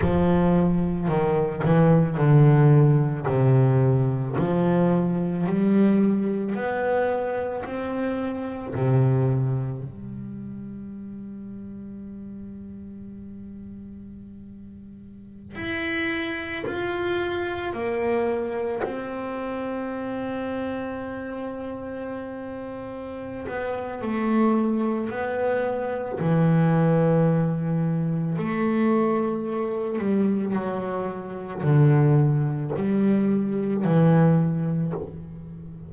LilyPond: \new Staff \with { instrumentName = "double bass" } { \time 4/4 \tempo 4 = 55 f4 dis8 e8 d4 c4 | f4 g4 b4 c'4 | c4 g2.~ | g2~ g16 e'4 f'8.~ |
f'16 ais4 c'2~ c'8.~ | c'4. b8 a4 b4 | e2 a4. g8 | fis4 d4 g4 e4 | }